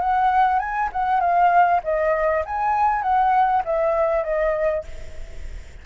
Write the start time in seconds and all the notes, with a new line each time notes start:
0.00 F#5
0.59 G#5
0.92 F#5
1.20 F5
1.83 D#5
2.45 G#5
3.02 F#5
3.64 E5
4.23 D#5